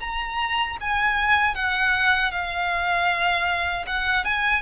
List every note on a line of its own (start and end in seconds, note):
0.00 0.77 A#5
0.80 1.55 G#5
1.55 2.31 F#5
2.31 3.85 F5
3.87 4.24 F#5
4.24 4.62 G#5